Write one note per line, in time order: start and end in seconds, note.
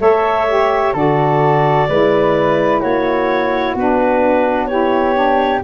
0.00 0.94 A3
0.00 0.47 A4
0.00 0.94 C#5
0.00 0.95 E5
0.48 0.95 G4
0.94 1.88 D3
0.94 1.88 F#4
0.94 1.87 A4
0.94 2.82 D5
1.89 2.83 G#3
1.89 3.77 E4
1.89 2.80 B4
2.80 3.75 A#3
2.80 4.68 F#4
2.80 3.75 C#5
3.75 5.62 B3
3.75 4.71 D4
3.75 4.66 B4
4.66 5.14 E4
4.66 5.63 G4
4.66 5.60 C#5
5.14 5.61 D4